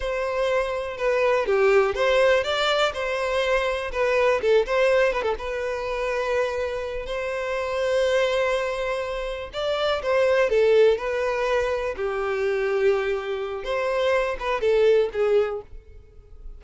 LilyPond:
\new Staff \with { instrumentName = "violin" } { \time 4/4 \tempo 4 = 123 c''2 b'4 g'4 | c''4 d''4 c''2 | b'4 a'8 c''4 b'16 a'16 b'4~ | b'2~ b'8 c''4.~ |
c''2.~ c''8 d''8~ | d''8 c''4 a'4 b'4.~ | b'8 g'2.~ g'8 | c''4. b'8 a'4 gis'4 | }